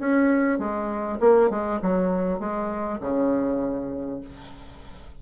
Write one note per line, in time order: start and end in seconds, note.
0.00 0.59 C#4
0.59 1.19 G#3
1.20 1.50 A#3
1.51 1.81 G#3
1.82 2.40 F#3
2.40 3.00 G#3
3.01 4.21 C#3